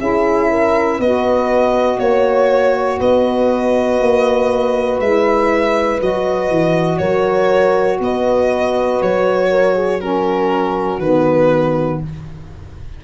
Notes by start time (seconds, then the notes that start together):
0.00 C#4 E4 G#4 E5
0.51 A#4
0.98 B3 B4 D#5
1.04 F#4
2.00 A#3 C#5
3.00 B3 B4 D#5
4.00 A#3
5.00 G#3 E4 E5
5.99 F#3 F#4 D#5
6.50 E3
6.99 F#3 A#4 C#5
8.00 B3 B4 D#5
9.02 F#3 C#5
9.51 A#4
9.75 G#4
10.00 C#4 F#4 A#4
10.99 D#3 B3 B4